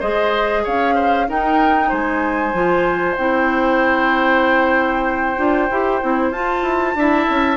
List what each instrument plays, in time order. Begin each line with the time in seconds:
0.00 bassoon G#3, clarinet G#4, oboe C5, flute D#5
0.64 bassoon C#4, oboe C#5, flute F5
0.95 oboe C5
1.28 clarinet D#4, bassoon D#4, oboe A#4, flute G5
1.89 bassoon G#3, oboe C5, flute G#5
2.53 bassoon F3, clarinet F4
3.17 bassoon C4, clarinet E4, flute G5
5.37 bassoon D4, clarinet F4
5.71 bassoon E4, clarinet G4
6.02 bassoon C4, clarinet E4
6.31 bassoon F4, clarinet F4, flute A5
6.63 bassoon E4
6.94 bassoon D4, clarinet E4, oboe E5
7.30 bassoon C#4